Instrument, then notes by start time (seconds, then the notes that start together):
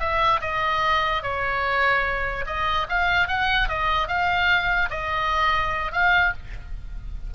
oboe
0.00 E5
0.41 D#5
1.23 C#5
2.46 D#5
2.89 F5
3.28 F#5
3.69 D#5
4.08 F5
4.90 D#5
5.92 F5